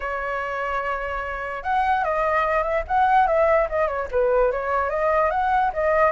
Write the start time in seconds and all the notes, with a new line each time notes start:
0.00 C#5
1.63 F#5
2.04 D#5
2.63 E5
2.87 F#5
3.27 E5
3.69 D#5
3.87 C#5
4.11 B4
4.51 C#5
4.89 D#5
5.30 F#5
5.73 D#5